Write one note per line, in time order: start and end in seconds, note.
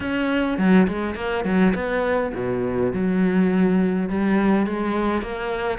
0.00 0.58 C#4
0.58 0.87 F#3
0.87 1.15 G#3
1.15 1.44 A#3
1.44 1.73 F#3
1.74 2.32 B3
2.34 2.92 B2
2.93 4.09 F#3
4.09 4.66 G3
4.66 5.22 G#3
5.22 5.78 A#3